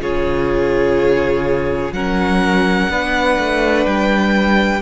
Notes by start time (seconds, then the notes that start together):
0.00 C#3 F4 G#4 C#5
1.92 F#3 C#4 A#4 F#5
2.90 B3 D4 B4
3.40 A3
3.86 G3 G5